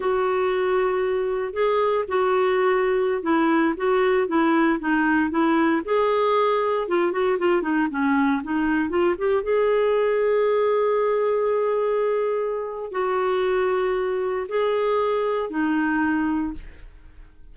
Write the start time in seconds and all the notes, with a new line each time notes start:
0.00 F#4
1.53 G#4
2.08 F#4
3.22 E4
3.76 F#4
4.27 E4
4.79 D#4
5.30 E4
5.84 G#4
6.87 F4
7.11 F#4
7.38 F4
7.62 D#4
7.90 C#4
8.43 D#4
8.89 F4
9.18 G4
9.43 G#4
12.91 F#4
14.48 G#4
15.49 D#4